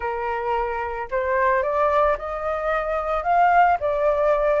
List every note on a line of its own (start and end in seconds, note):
0.00 1.08 A#4
1.10 1.62 C5
1.62 2.16 D5
2.18 3.23 D#5
3.23 3.77 F5
3.80 4.60 D5